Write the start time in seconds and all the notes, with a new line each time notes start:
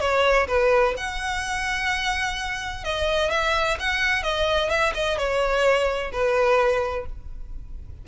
0.00 C#5
0.48 B4
0.97 F#5
2.84 D#5
3.30 E5
3.79 F#5
4.23 D#5
4.70 E5
4.94 D#5
5.18 C#5
6.12 B4